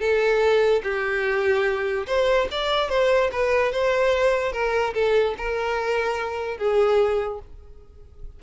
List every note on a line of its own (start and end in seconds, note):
0.00 0.82 A4
0.83 2.06 G4
2.07 2.48 C5
2.51 2.89 D5
2.89 3.30 C5
3.32 3.72 B4
3.72 4.52 C5
4.52 4.94 A#4
4.94 5.35 A4
5.38 6.58 A#4
6.58 7.40 G#4